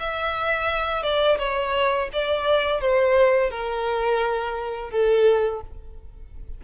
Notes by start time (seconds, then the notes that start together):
0.00 E5
1.03 D5
1.39 C#5
2.13 D5
2.81 C5
3.51 A#4
4.91 A4